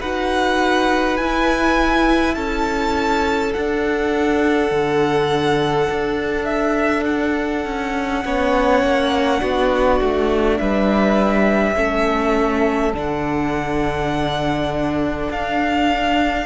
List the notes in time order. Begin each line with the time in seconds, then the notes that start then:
0.00 D#4 F#4 B4 F#5
1.17 E4 G#5
2.35 C#4 A4 A5
3.54 D4 F#5
4.71 D3
5.89 D4
6.45 E5
7.05 F#5
7.65 C#4
8.24 B3 C#4 C#5
8.83 A#3
9.39 B3 D4 F#4
10.01 A3
10.58 G3 B4 E5
11.75 A3 C#4 A4
12.94 D3 D4 F#5
15.30 D4 F5